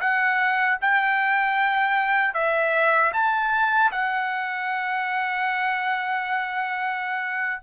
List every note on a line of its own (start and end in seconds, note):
0.00 0.78 F#5
0.81 2.34 G5
2.34 3.12 E5
3.13 3.91 A5
3.91 7.62 F#5